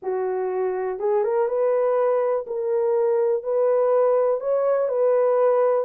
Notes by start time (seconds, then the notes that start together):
0.02 F#4
0.99 G#4
1.23 A#4
1.48 B4
2.46 A#4
3.43 B4
4.40 C#5
4.88 B4